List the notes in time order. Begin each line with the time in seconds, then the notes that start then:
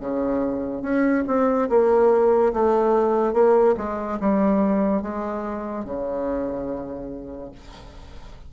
0.00 C#3
0.82 C#4
1.27 C4
1.69 A#3
2.53 A3
3.33 A#3
3.77 G#3
4.20 G3
5.02 G#3
5.84 C#3